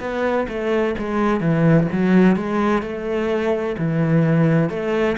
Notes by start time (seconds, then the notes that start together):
0.00 B3
0.49 A3
0.99 G#3
1.41 E3
1.92 F#3
2.37 G#3
2.83 A3
3.78 E3
4.70 A3